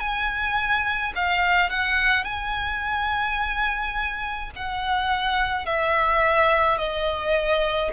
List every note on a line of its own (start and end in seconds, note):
0.00 1.13 G#5
1.15 1.70 F5
1.70 2.24 F#5
2.24 4.51 G#5
4.56 5.66 F#5
5.66 6.78 E5
6.78 7.91 D#5